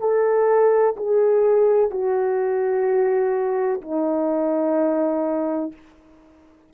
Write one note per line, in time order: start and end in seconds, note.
0.00 0.95 A4
0.97 1.90 G#4
1.90 3.81 F#4
3.81 5.72 D#4